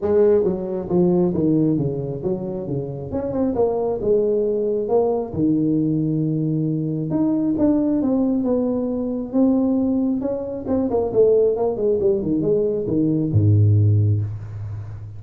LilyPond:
\new Staff \with { instrumentName = "tuba" } { \time 4/4 \tempo 4 = 135 gis4 fis4 f4 dis4 | cis4 fis4 cis4 cis'8 c'8 | ais4 gis2 ais4 | dis1 |
dis'4 d'4 c'4 b4~ | b4 c'2 cis'4 | c'8 ais8 a4 ais8 gis8 g8 dis8 | gis4 dis4 gis,2 | }